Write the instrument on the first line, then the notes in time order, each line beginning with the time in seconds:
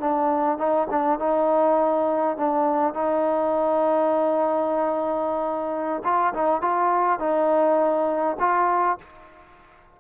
trombone
0.00 D4
0.58 D#4
0.90 D4
1.20 D#4
2.37 D4
2.94 D#4
6.04 F4
6.34 D#4
6.61 F4
7.20 D#4
8.40 F4